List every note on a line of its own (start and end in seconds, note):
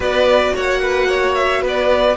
0.00 0.52 B3
0.00 2.16 F#4
0.00 0.53 B4
0.00 0.56 D5
0.54 1.62 A#3
0.54 0.81 C#5
0.54 1.35 F#5
0.82 1.08 B4
1.08 1.61 C#5
1.35 1.62 E5
1.61 2.16 B3
1.61 2.16 B4
1.68 2.16 D5